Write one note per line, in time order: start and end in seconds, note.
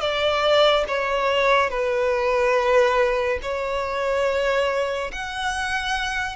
0.00 0.85 D5
0.88 1.70 C#5
1.70 3.39 B4
3.42 5.11 C#5
5.12 6.35 F#5